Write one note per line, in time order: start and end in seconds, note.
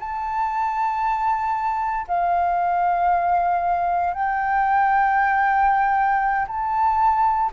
0.00 2.07 A5
2.08 4.14 F5
4.14 6.47 G5
6.48 7.51 A5